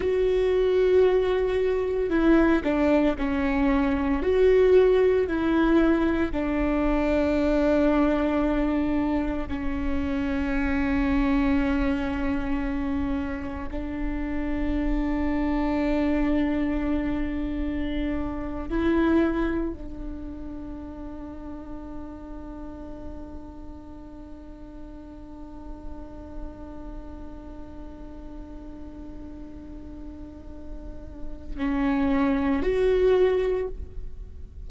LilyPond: \new Staff \with { instrumentName = "viola" } { \time 4/4 \tempo 4 = 57 fis'2 e'8 d'8 cis'4 | fis'4 e'4 d'2~ | d'4 cis'2.~ | cis'4 d'2.~ |
d'4.~ d'16 e'4 d'4~ d'16~ | d'1~ | d'1~ | d'2 cis'4 fis'4 | }